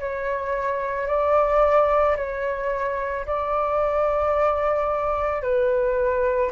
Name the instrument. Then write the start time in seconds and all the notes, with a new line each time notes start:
flute
0.00 C#5
1.08 D5
2.17 C#5
3.26 D5
5.42 B4